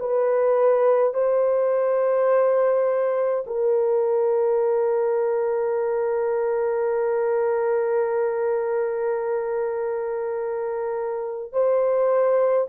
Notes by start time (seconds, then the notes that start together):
0.00 B4
1.14 C5
3.47 A#4
11.52 C5